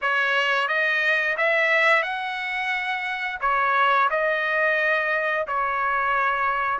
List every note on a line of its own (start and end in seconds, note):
0.01 0.68 C#5
0.68 1.36 D#5
1.37 2.02 E5
2.02 3.39 F#5
3.41 4.09 C#5
4.10 5.46 D#5
5.47 6.79 C#5